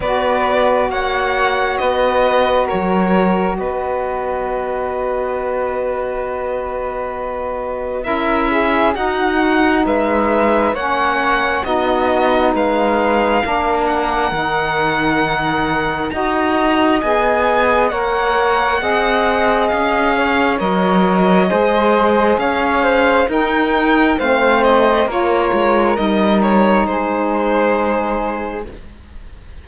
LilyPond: <<
  \new Staff \with { instrumentName = "violin" } { \time 4/4 \tempo 4 = 67 d''4 fis''4 dis''4 cis''4 | dis''1~ | dis''4 e''4 fis''4 e''4 | fis''4 dis''4 f''4. fis''8~ |
fis''2 ais''4 gis''4 | fis''2 f''4 dis''4~ | dis''4 f''4 g''4 f''8 dis''8 | cis''4 dis''8 cis''8 c''2 | }
  \new Staff \with { instrumentName = "flute" } { \time 4/4 b'4 cis''4 b'4 ais'4 | b'1~ | b'4 ais'8 gis'8 fis'4 b'4 | cis''4 fis'4 b'4 ais'4~ |
ais'2 dis''2 | cis''4 dis''4. cis''4. | c''4 cis''8 c''8 ais'4 c''4 | ais'2 gis'2 | }
  \new Staff \with { instrumentName = "saxophone" } { \time 4/4 fis'1~ | fis'1~ | fis'4 e'4 dis'2 | cis'4 dis'2 d'4 |
dis'2 fis'4 gis'4 | ais'4 gis'2 ais'4 | gis'2 dis'4 c'4 | f'4 dis'2. | }
  \new Staff \with { instrumentName = "cello" } { \time 4/4 b4 ais4 b4 fis4 | b1~ | b4 cis'4 dis'4 gis4 | ais4 b4 gis4 ais4 |
dis2 dis'4 b4 | ais4 c'4 cis'4 fis4 | gis4 cis'4 dis'4 a4 | ais8 gis8 g4 gis2 | }
>>